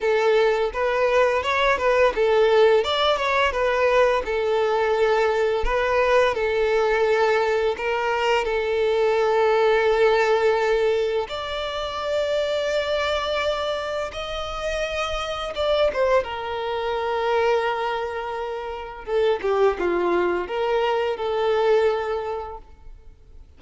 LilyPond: \new Staff \with { instrumentName = "violin" } { \time 4/4 \tempo 4 = 85 a'4 b'4 cis''8 b'8 a'4 | d''8 cis''8 b'4 a'2 | b'4 a'2 ais'4 | a'1 |
d''1 | dis''2 d''8 c''8 ais'4~ | ais'2. a'8 g'8 | f'4 ais'4 a'2 | }